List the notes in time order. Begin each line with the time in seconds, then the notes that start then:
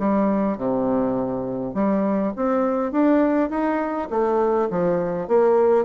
0.00 G3
0.58 C3
1.75 G3
2.37 C4
2.92 D4
3.50 D#4
4.11 A3
4.71 F3
5.28 A#3